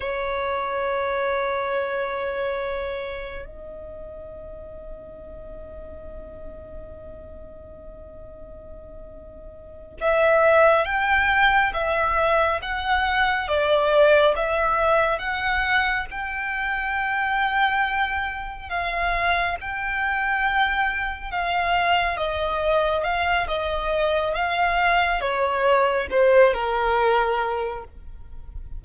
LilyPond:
\new Staff \with { instrumentName = "violin" } { \time 4/4 \tempo 4 = 69 cis''1 | dis''1~ | dis''2.~ dis''8 e''8~ | e''8 g''4 e''4 fis''4 d''8~ |
d''8 e''4 fis''4 g''4.~ | g''4. f''4 g''4.~ | g''8 f''4 dis''4 f''8 dis''4 | f''4 cis''4 c''8 ais'4. | }